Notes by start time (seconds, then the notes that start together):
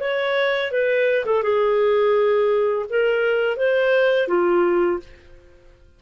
0.00 C#5
0.71 B4
1.25 A4
1.43 G#4
2.90 A#4
3.57 C5
4.28 F4